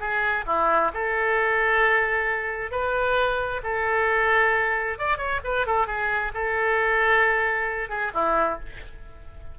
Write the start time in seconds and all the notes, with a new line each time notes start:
0.00 G#4
0.47 E4
0.94 A4
2.71 B4
3.64 A4
4.99 D5
5.18 C#5
5.44 B4
5.67 A4
5.87 G#4
6.34 A4
7.89 G#4
8.14 E4